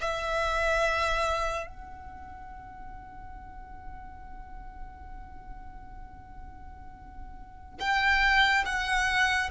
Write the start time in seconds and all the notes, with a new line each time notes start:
0.00 E5
1.66 F#5
7.79 G5
8.65 F#5